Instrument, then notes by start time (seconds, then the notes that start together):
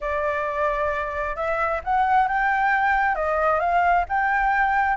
flute
0.01 D5
1.35 E5
1.84 F#5
2.28 G5
3.15 D#5
3.59 F5
4.08 G5